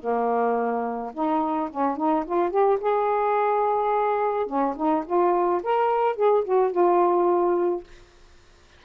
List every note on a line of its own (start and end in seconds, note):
0.00 1.12 A#3
1.13 1.69 D#4
1.71 1.97 C#4
1.97 2.25 D#4
2.26 2.50 F4
2.50 2.78 G4
2.80 4.47 G#4
4.47 4.75 C#4
4.76 5.04 D#4
5.06 5.62 F4
5.63 6.16 A#4
6.16 6.44 G#4
6.44 6.71 F#4
6.71 7.84 F4